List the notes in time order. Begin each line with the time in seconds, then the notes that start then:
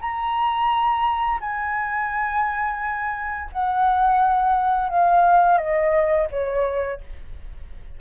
0.00 A#5
1.40 G#5
3.52 F#5
4.88 F5
5.58 D#5
6.30 C#5